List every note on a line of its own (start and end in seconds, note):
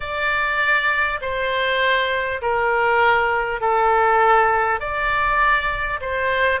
0.00 1.20 D5
1.21 2.41 C5
2.41 3.61 A#4
3.61 4.79 A4
4.79 5.99 D5
6.00 6.60 C5